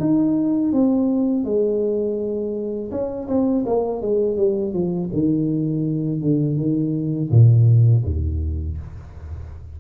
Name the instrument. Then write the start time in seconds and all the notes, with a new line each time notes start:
tuba
0.00 D#4
0.73 C4
1.45 G#3
2.91 C#4
3.28 C4
3.66 A#3
4.02 G#3
4.37 G3
4.73 F3
5.13 D#3
6.21 D3
6.57 D#3
7.30 A#2
8.05 D#2